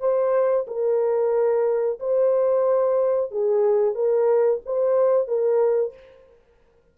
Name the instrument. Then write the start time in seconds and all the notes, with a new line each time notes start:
horn
0.00 C5
0.67 A#4
2.00 C5
3.31 G#4
3.95 A#4
4.66 C5
5.27 A#4